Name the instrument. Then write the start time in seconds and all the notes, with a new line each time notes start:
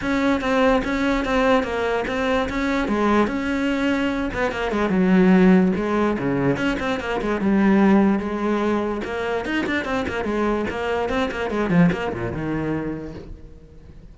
cello
0.01 C#4
0.41 C4
0.84 C#4
1.24 C4
1.63 A#3
2.07 C4
2.49 C#4
2.88 G#3
3.27 C#4
4.33 B3
4.51 A#3
4.71 G#3
4.89 F#3
5.76 G#3
6.18 C#3
6.56 C#4
6.79 C4
7.00 A#3
7.21 G#3
7.40 G3
8.19 G#3
9.04 A#3
9.45 D#4
9.66 D4
9.85 C4
10.07 A#3
10.24 G#3
10.70 A#3
11.09 C4
11.31 A#3
11.50 G#3
11.70 F3
11.92 A#3
12.13 A#2
12.32 D#3